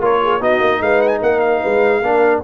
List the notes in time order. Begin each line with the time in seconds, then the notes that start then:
0.00 A#3 F4 A#4 C#5
0.23 G#4
0.41 B3 D#4 F#4 D#5
0.60 A#3
0.81 G#3 B4 F5
1.02 F#5
1.08 G#5
1.21 A#3 A#4 F#5
1.40 F5
1.61 G#3 B4
2.02 A#3 D4 A#4